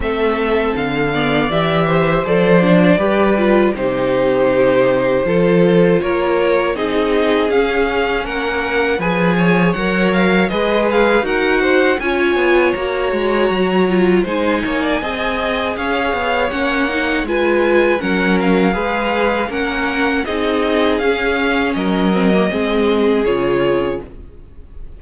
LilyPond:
<<
  \new Staff \with { instrumentName = "violin" } { \time 4/4 \tempo 4 = 80 e''4 f''4 e''4 d''4~ | d''4 c''2. | cis''4 dis''4 f''4 fis''4 | gis''4 fis''8 f''8 dis''8 f''8 fis''4 |
gis''4 ais''2 gis''4~ | gis''4 f''4 fis''4 gis''4 | fis''8 f''4. fis''4 dis''4 | f''4 dis''2 cis''4 | }
  \new Staff \with { instrumentName = "violin" } { \time 4/4 a'4. d''4 c''4. | b'4 g'2 a'4 | ais'4 gis'2 ais'4 | b'8 cis''4. b'4 ais'8 c''8 |
cis''2. c''8 cis''16 d''16 | dis''4 cis''2 b'4 | ais'4 b'4 ais'4 gis'4~ | gis'4 ais'4 gis'2 | }
  \new Staff \with { instrumentName = "viola" } { \time 4/4 c'4. b8 g'4 a'8 d'8 | g'8 f'8 dis'2 f'4~ | f'4 dis'4 cis'2 | gis'4 ais'4 gis'4 fis'4 |
f'4 fis'4. f'8 dis'4 | gis'2 cis'8 dis'8 f'4 | cis'4 gis'4 cis'4 dis'4 | cis'4. c'16 ais16 c'4 f'4 | }
  \new Staff \with { instrumentName = "cello" } { \time 4/4 a4 d4 e4 f4 | g4 c2 f4 | ais4 c'4 cis'4 ais4 | f4 fis4 gis4 dis'4 |
cis'8 b8 ais8 gis8 fis4 gis8 ais8 | c'4 cis'8 b8 ais4 gis4 | fis4 gis4 ais4 c'4 | cis'4 fis4 gis4 cis4 | }
>>